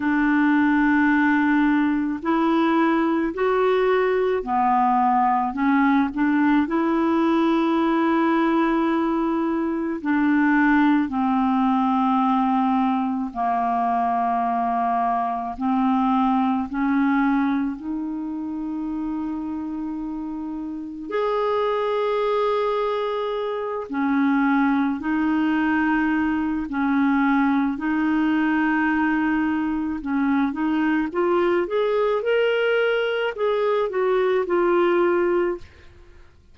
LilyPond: \new Staff \with { instrumentName = "clarinet" } { \time 4/4 \tempo 4 = 54 d'2 e'4 fis'4 | b4 cis'8 d'8 e'2~ | e'4 d'4 c'2 | ais2 c'4 cis'4 |
dis'2. gis'4~ | gis'4. cis'4 dis'4. | cis'4 dis'2 cis'8 dis'8 | f'8 gis'8 ais'4 gis'8 fis'8 f'4 | }